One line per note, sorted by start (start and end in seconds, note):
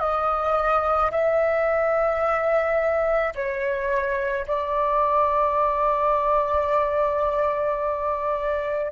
0.00 1.11 D#5
1.12 3.34 E5
3.35 4.46 C#5
4.48 8.92 D5